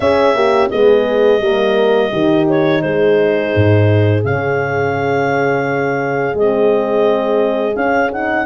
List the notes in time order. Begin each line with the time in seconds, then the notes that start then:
0.00 C#4 G#4 E5
0.34 A#3 G4
0.69 G#3 B3 G#4 D#5
1.40 G3 A#3 A#4
2.11 D#3 D#4 G4
2.48 C#5
2.81 G#3 G#4 C5
3.55 G#2
4.24 C#3 C#4 F5
6.34 G#3 C4 D#5
7.74 C#4 F5
8.12 D#4 F#5